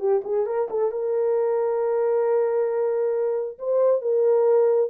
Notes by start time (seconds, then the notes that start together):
0.00 G4
0.25 G#4
0.47 A#4
0.71 A4
0.92 A#4
3.59 C5
4.02 A#4